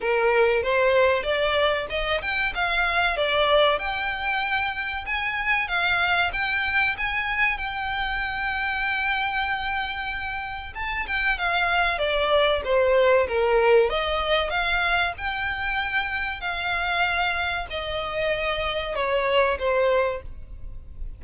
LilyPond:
\new Staff \with { instrumentName = "violin" } { \time 4/4 \tempo 4 = 95 ais'4 c''4 d''4 dis''8 g''8 | f''4 d''4 g''2 | gis''4 f''4 g''4 gis''4 | g''1~ |
g''4 a''8 g''8 f''4 d''4 | c''4 ais'4 dis''4 f''4 | g''2 f''2 | dis''2 cis''4 c''4 | }